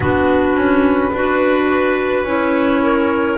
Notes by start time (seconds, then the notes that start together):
0.00 B3 D4 F#4 B4
0.55 C#4
1.12 D4 F#4 B4
2.23 C#4 E4
2.30 C#5
2.83 A#4